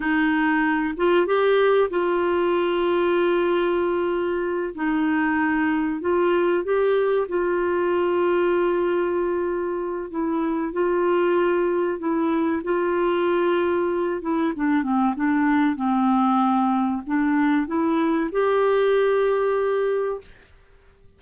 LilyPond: \new Staff \with { instrumentName = "clarinet" } { \time 4/4 \tempo 4 = 95 dis'4. f'8 g'4 f'4~ | f'2.~ f'8 dis'8~ | dis'4. f'4 g'4 f'8~ | f'1 |
e'4 f'2 e'4 | f'2~ f'8 e'8 d'8 c'8 | d'4 c'2 d'4 | e'4 g'2. | }